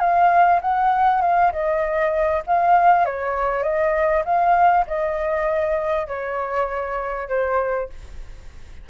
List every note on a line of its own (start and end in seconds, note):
0.00 0.61 F5
0.62 1.21 F#5
1.21 1.52 F5
1.52 2.43 D#5
2.47 3.06 F5
3.06 3.63 C#5
3.63 4.24 D#5
4.25 4.86 F5
4.87 6.08 D#5
6.08 7.29 C#5
7.29 7.90 C5